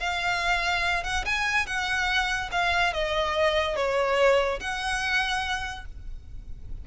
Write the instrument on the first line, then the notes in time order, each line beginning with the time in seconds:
violin
0.00 F5
1.04 F#5
1.25 G#5
1.67 F#5
2.52 F5
2.94 D#5
3.77 C#5
4.60 F#5